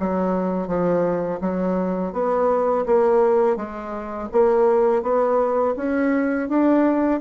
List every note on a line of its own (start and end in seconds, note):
0.00 0.68 F#3
0.68 1.40 F3
1.41 2.13 F#3
2.13 2.85 B3
2.87 3.57 A#3
3.57 4.29 G#3
4.32 5.03 A#3
5.03 5.75 B3
5.77 6.49 C#4
6.49 7.21 D4